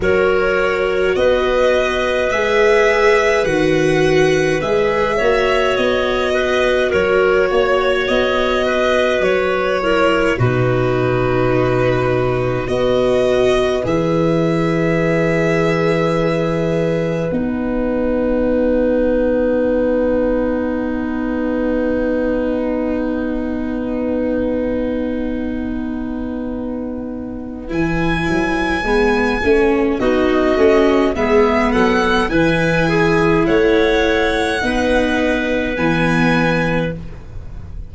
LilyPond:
<<
  \new Staff \with { instrumentName = "violin" } { \time 4/4 \tempo 4 = 52 cis''4 dis''4 e''4 fis''4 | e''4 dis''4 cis''4 dis''4 | cis''4 b'2 dis''4 | e''2. fis''4~ |
fis''1~ | fis''1 | gis''2 dis''4 e''8 fis''8 | gis''4 fis''2 gis''4 | }
  \new Staff \with { instrumentName = "clarinet" } { \time 4/4 ais'4 b'2.~ | b'8 cis''4 b'8 ais'8 cis''4 b'8~ | b'8 ais'8 fis'2 b'4~ | b'1~ |
b'1~ | b'1~ | b'2 fis'4 gis'8 a'8 | b'8 gis'8 cis''4 b'2 | }
  \new Staff \with { instrumentName = "viola" } { \time 4/4 fis'2 gis'4 fis'4 | gis'8 fis'2.~ fis'8~ | fis'8 e'8 dis'2 fis'4 | gis'2. dis'4~ |
dis'1~ | dis'1 | e'4 b8 cis'8 dis'8 cis'8 b4 | e'2 dis'4 b4 | }
  \new Staff \with { instrumentName = "tuba" } { \time 4/4 fis4 b4 gis4 dis4 | gis8 ais8 b4 fis8 ais8 b4 | fis4 b,2 b4 | e2. b4~ |
b1~ | b1 | e8 fis8 gis8 a8 b8 a8 gis8 fis8 | e4 a4 b4 e4 | }
>>